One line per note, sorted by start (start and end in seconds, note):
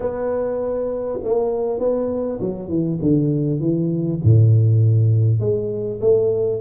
0.00 1.19 B3
1.23 1.79 A#3
1.79 2.39 B3
2.40 2.68 F#3
2.68 2.98 E3
3.01 3.59 D3
3.59 4.19 E3
4.23 5.40 A2
5.40 6.00 G#3
6.00 6.60 A3